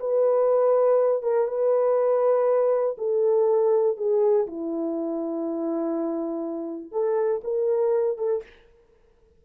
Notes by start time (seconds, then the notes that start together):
0.00 B4
1.23 A#4
1.48 B4
2.98 A4
3.97 G#4
4.47 E4
6.92 A4
7.44 A#4
8.18 A4